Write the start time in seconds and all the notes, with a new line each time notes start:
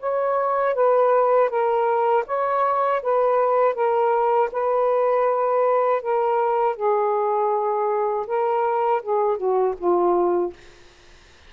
0.00 C#5
0.75 B4
1.50 A#4
2.27 C#5
3.03 B4
3.75 A#4
4.52 B4
6.02 A#4
6.76 G#4
8.27 A#4
9.03 G#4
9.38 F#4
9.78 F4